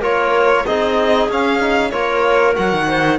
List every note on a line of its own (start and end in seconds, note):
0.00 0.64 A#3
0.00 0.65 F4
0.00 0.63 A#4
0.00 0.66 C#5
0.65 1.29 C4
0.65 1.29 D#4
0.65 1.91 G#4
0.65 1.29 D#5
1.29 1.92 C#4
1.29 1.60 C#4
1.29 1.90 F5
1.60 1.91 D#4
1.90 2.57 A#3
1.90 2.54 F4
1.90 2.86 A#4
1.90 2.54 C#5
2.54 2.72 F#3
2.54 3.18 F#4
2.54 3.19 F#5
2.72 3.19 D#3
2.87 3.18 C5